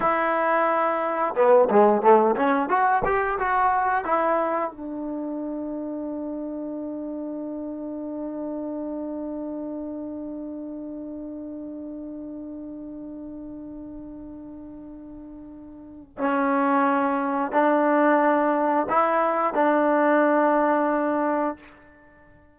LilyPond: \new Staff \with { instrumentName = "trombone" } { \time 4/4 \tempo 4 = 89 e'2 b8 gis8 a8 cis'8 | fis'8 g'8 fis'4 e'4 d'4~ | d'1~ | d'1~ |
d'1~ | d'1 | cis'2 d'2 | e'4 d'2. | }